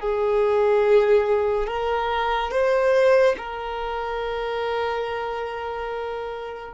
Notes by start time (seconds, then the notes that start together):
0.00 G#4
1.67 A#4
2.51 C5
3.38 A#4